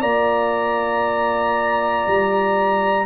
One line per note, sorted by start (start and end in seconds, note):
0.00 2.05 A#3
0.00 3.06 F4
0.00 3.05 D5
0.00 3.06 A#5
2.07 3.06 G3